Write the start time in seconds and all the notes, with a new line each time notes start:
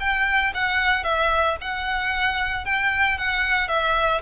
0.00 G5
0.54 F#5
1.04 E5
1.61 F#5
2.65 G5
3.18 F#5
3.68 E5